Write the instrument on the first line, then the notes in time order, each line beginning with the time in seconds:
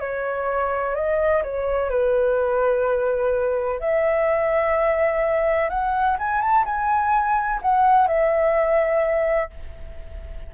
flute
0.00 C#5
0.95 D#5
1.44 C#5
1.90 B4
3.81 E5
5.70 F#5
6.19 G#5
6.42 A5
6.65 G#5
7.62 F#5
8.08 E5